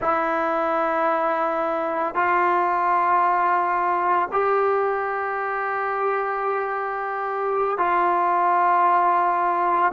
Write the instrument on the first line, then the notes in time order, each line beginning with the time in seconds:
trombone
0.01 E4
2.14 F4
4.31 G4
7.77 F4